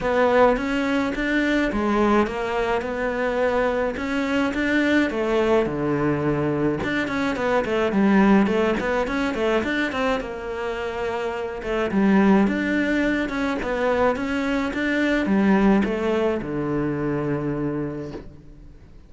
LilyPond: \new Staff \with { instrumentName = "cello" } { \time 4/4 \tempo 4 = 106 b4 cis'4 d'4 gis4 | ais4 b2 cis'4 | d'4 a4 d2 | d'8 cis'8 b8 a8 g4 a8 b8 |
cis'8 a8 d'8 c'8 ais2~ | ais8 a8 g4 d'4. cis'8 | b4 cis'4 d'4 g4 | a4 d2. | }